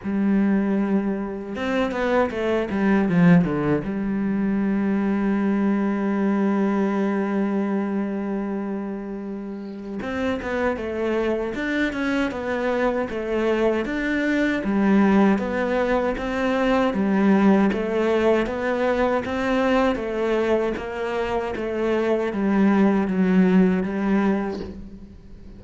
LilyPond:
\new Staff \with { instrumentName = "cello" } { \time 4/4 \tempo 4 = 78 g2 c'8 b8 a8 g8 | f8 d8 g2.~ | g1~ | g4 c'8 b8 a4 d'8 cis'8 |
b4 a4 d'4 g4 | b4 c'4 g4 a4 | b4 c'4 a4 ais4 | a4 g4 fis4 g4 | }